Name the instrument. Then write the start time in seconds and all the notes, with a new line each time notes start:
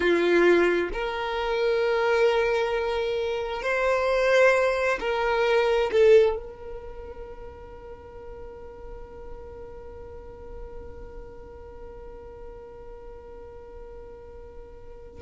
violin
0.00 F4
0.93 A#4
3.62 C5
5.00 A#4
5.91 A4
6.36 A#4